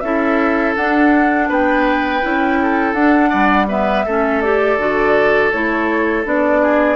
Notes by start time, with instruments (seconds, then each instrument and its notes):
0.00 bassoon C#4, clarinet E4, oboe A4, flute E5
0.75 bassoon D4, clarinet D4, flute F#5
1.49 bassoon B3, oboe B4, flute G5
2.22 bassoon C#4, clarinet E4
2.61 oboe A4
2.94 bassoon D4, clarinet D4, flute F#5
3.30 bassoon G3, oboe D5
3.68 clarinet B3, oboe B4, flute E5
4.05 bassoon A3, clarinet C#4, oboe A4
4.41 clarinet G4, flute D5
4.78 bassoon D3, clarinet F#4
5.52 bassoon A3, clarinet E4, flute C#5
6.24 bassoon B3, clarinet D4, flute D5
6.62 oboe G#4